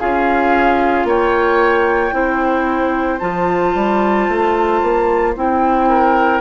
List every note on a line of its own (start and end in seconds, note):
0.00 1.05 C#4
0.00 2.12 F4
0.00 1.07 G#4
0.00 1.08 F5
1.05 2.12 A#3
1.05 2.15 C#5
1.05 3.19 G5
2.12 3.20 C4
2.12 3.19 E4
2.12 5.89 C5
3.19 3.75 F3
3.19 5.35 F4
3.19 5.34 A5
3.75 4.29 G3
4.29 4.82 A3
4.83 5.36 A#3
5.36 6.41 C4
5.36 6.41 E4
5.36 6.41 G5
5.89 6.41 A#4